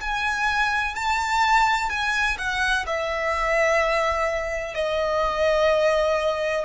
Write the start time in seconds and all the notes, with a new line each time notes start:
0.00 G#5
0.95 A5
1.89 G#5
2.38 F#5
2.86 E5
4.74 D#5